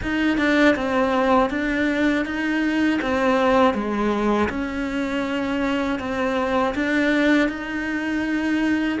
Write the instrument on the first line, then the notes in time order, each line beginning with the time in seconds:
cello
0.02 D#4
0.38 D4
0.75 C4
1.50 D4
2.25 D#4
3.01 C4
3.73 G#3
4.49 C#4
5.99 C4
6.74 D4
7.48 D#4